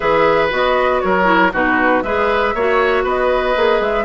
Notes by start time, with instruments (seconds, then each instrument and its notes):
0.00 bassoon E3, clarinet G#4, oboe B4, flute E5
0.49 bassoon B3, clarinet F#4, flute D#5
1.00 bassoon F#3, oboe A#4, flute C#5
1.24 clarinet E4
1.52 bassoon B2, clarinet D#4, oboe F#4, flute B4
2.02 bassoon G#3, clarinet G#4, oboe B4, flute E5
2.54 bassoon A#3, clarinet F#4, oboe C#5
3.03 bassoon B3, oboe B4, flute D#5
3.55 bassoon A#3, clarinet G#4
3.80 bassoon G#3, flute E5